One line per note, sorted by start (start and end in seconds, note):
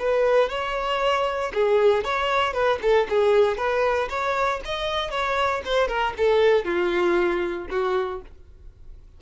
0.00 0.50 B4
0.50 1.52 C#5
1.54 2.04 G#4
2.04 2.54 C#5
2.54 2.79 B4
2.82 3.08 A4
3.10 3.58 G#4
3.58 4.09 B4
4.10 4.61 C#5
4.65 5.11 D#5
5.11 5.62 C#5
5.65 5.88 C5
5.88 6.14 A#4
6.17 6.65 A4
6.65 7.68 F4
7.70 8.22 F#4